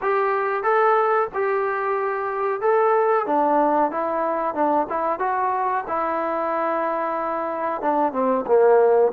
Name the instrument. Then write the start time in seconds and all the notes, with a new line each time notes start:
trombone
0.01 G4
0.63 A4
1.34 G4
2.61 A4
3.26 D4
3.91 E4
4.54 D4
4.89 E4
5.18 F#4
5.87 E4
7.81 D4
8.12 C4
8.46 A#3